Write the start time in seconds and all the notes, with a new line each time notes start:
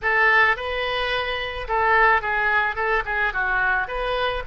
0.02 A4
0.56 B4
1.68 A4
2.21 G#4
2.75 A4
3.05 G#4
3.33 F#4
3.87 B4